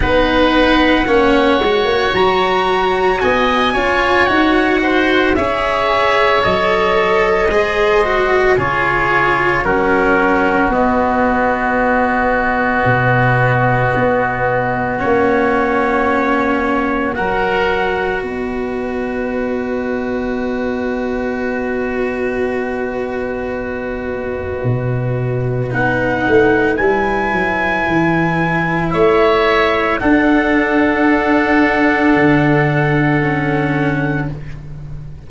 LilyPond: <<
  \new Staff \with { instrumentName = "trumpet" } { \time 4/4 \tempo 4 = 56 fis''2 ais''4 gis''4 | fis''4 e''4 dis''2 | cis''4 ais'4 dis''2~ | dis''2 cis''2 |
fis''4 dis''2.~ | dis''1 | fis''4 gis''2 e''4 | fis''1 | }
  \new Staff \with { instrumentName = "oboe" } { \time 4/4 b'4 cis''2 dis''8 cis''8~ | cis''8 c''8 cis''2 c''4 | gis'4 fis'2.~ | fis'1 |
ais'4 b'2.~ | b'1~ | b'2. cis''4 | a'1 | }
  \new Staff \with { instrumentName = "cello" } { \time 4/4 dis'4 cis'8 fis'2 f'8 | fis'4 gis'4 a'4 gis'8 fis'8 | f'4 cis'4 b2~ | b2 cis'2 |
fis'1~ | fis'1 | dis'4 e'2. | d'2. cis'4 | }
  \new Staff \with { instrumentName = "tuba" } { \time 4/4 b4 ais8 gis16 ais16 fis4 b8 cis'8 | dis'4 cis'4 fis4 gis4 | cis4 fis4 b2 | b,4 b4 ais2 |
fis4 b2.~ | b2. b,4 | b8 a8 g8 fis8 e4 a4 | d'2 d2 | }
>>